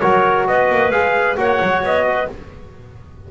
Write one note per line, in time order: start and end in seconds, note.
0.00 0.48 F#3
0.00 0.92 F#4
0.00 0.46 A#4
0.00 0.45 C#5
0.47 0.70 B3
0.47 1.38 B4
0.47 0.91 D#5
0.70 0.90 A#3
0.90 1.36 G#3
0.90 1.36 G#4
0.90 1.37 F5
1.36 1.60 A#3
1.36 2.27 F#4
1.36 2.06 C#5
1.36 1.84 F#5
1.62 1.82 F#3
1.82 2.28 B3
1.82 2.31 D#5
2.06 2.28 B4